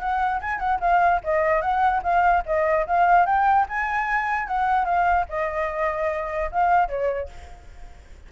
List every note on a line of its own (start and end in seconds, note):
0.00 0.41 F#5
0.41 0.59 G#5
0.59 0.79 F#5
0.80 1.21 F5
1.24 1.61 D#5
1.61 2.02 F#5
2.03 2.44 F5
2.46 2.87 D#5
2.87 3.26 F5
3.26 3.66 G5
3.69 4.47 G#5
4.47 4.85 F#5
4.85 5.26 F5
5.29 6.51 D#5
6.51 6.89 F5
6.89 7.29 C#5